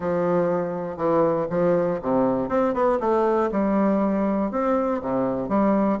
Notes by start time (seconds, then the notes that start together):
0.00 F3
0.97 E3
1.50 F3
2.02 C3
2.49 C4
2.74 B3
3.00 A3
3.51 G3
4.51 C4
5.01 C3
5.48 G3